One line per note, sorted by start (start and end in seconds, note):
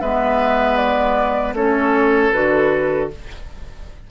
0.00 1.53 G#3
0.00 1.55 B3
0.00 1.54 B4
0.00 0.76 E5
0.76 1.53 D5
1.53 2.29 A3
1.53 2.32 C#4
1.53 3.09 A4
1.53 2.31 C#5
2.31 3.10 D3
2.31 3.09 F#4
2.31 3.08 B4